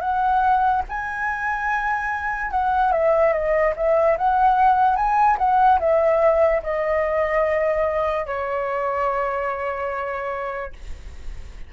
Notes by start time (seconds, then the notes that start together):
0.00 F#5
0.88 G#5
2.51 F#5
2.91 E5
3.33 D#5
3.75 E5
4.17 F#5
4.96 G#5
5.38 F#5
5.79 E5
6.62 D#5
8.26 C#5